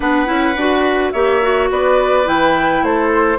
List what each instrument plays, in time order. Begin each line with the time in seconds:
0.00 bassoon B3, clarinet D4, oboe B4, flute F#5
0.25 bassoon C#4, clarinet E4
0.56 bassoon D4, clarinet F#4
1.11 bassoon A#3, clarinet G4, oboe C#5, flute E5
1.42 clarinet F#4
1.70 bassoon B3, oboe B4, flute D5
2.24 bassoon E3, clarinet E4, flute G5
2.82 bassoon A3, oboe A4, flute C5